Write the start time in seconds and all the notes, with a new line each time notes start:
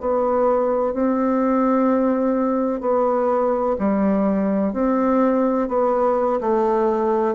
0.00 B3
0.93 C4
2.81 B3
3.78 G3
4.73 C4
5.68 B3
6.40 A3